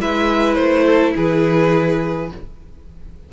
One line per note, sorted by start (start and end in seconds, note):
0.00 0.57 G#3
0.00 2.31 E4
0.00 0.85 B4
0.00 0.54 E5
0.54 1.15 A3
0.54 1.12 C5
0.85 1.14 A4
1.16 2.32 E3
1.16 2.31 G#4
1.16 2.33 B4